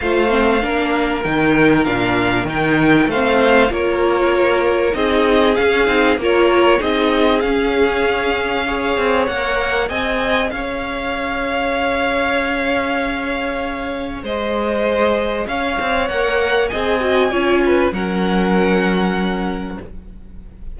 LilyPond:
<<
  \new Staff \with { instrumentName = "violin" } { \time 4/4 \tempo 4 = 97 f''2 g''4 f''4 | g''4 f''4 cis''2 | dis''4 f''4 cis''4 dis''4 | f''2. fis''4 |
gis''4 f''2.~ | f''2. dis''4~ | dis''4 f''4 fis''4 gis''4~ | gis''4 fis''2. | }
  \new Staff \with { instrumentName = "violin" } { \time 4/4 c''4 ais'2.~ | ais'4 c''4 ais'2 | gis'2 ais'4 gis'4~ | gis'2 cis''2 |
dis''4 cis''2.~ | cis''2. c''4~ | c''4 cis''2 dis''4 | cis''8 b'8 ais'2. | }
  \new Staff \with { instrumentName = "viola" } { \time 4/4 f'8 c'8 d'4 dis'4 d'4 | dis'4 c'4 f'2 | dis'4 cis'8 dis'8 f'4 dis'4 | cis'2 gis'4 ais'4 |
gis'1~ | gis'1~ | gis'2 ais'4 gis'8 fis'8 | f'4 cis'2. | }
  \new Staff \with { instrumentName = "cello" } { \time 4/4 a4 ais4 dis4 ais,4 | dis4 a4 ais2 | c'4 cis'8 c'8 ais4 c'4 | cis'2~ cis'8 c'8 ais4 |
c'4 cis'2.~ | cis'2. gis4~ | gis4 cis'8 c'8 ais4 c'4 | cis'4 fis2. | }
>>